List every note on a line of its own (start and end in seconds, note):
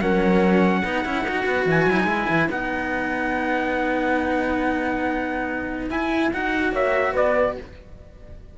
0.00 0.83 F#3
0.00 0.84 C#4
0.00 0.84 A#4
0.00 1.66 F#5
0.84 1.05 B3
0.84 1.05 D#4
0.84 6.73 B4
1.05 1.24 C#4
1.05 1.26 E4
1.24 1.44 D#4
1.24 1.90 F#4
1.46 1.66 B3
1.66 1.86 E3
1.66 2.50 G#5
1.86 2.04 F#3
1.86 2.00 E4
2.00 2.25 G#3
2.00 2.07 D#4
2.07 2.49 E4
2.30 2.48 E3
2.48 5.90 B3
2.48 5.91 D#4
2.48 5.90 F#5
5.90 6.32 E4
5.90 6.31 G#5
6.33 6.72 D#4
6.33 7.57 F#4
6.33 6.74 F#5
6.72 7.13 A#3
6.72 7.13 C#5
6.72 7.16 E5
7.13 7.58 B3
7.13 7.54 B4
7.13 7.58 D5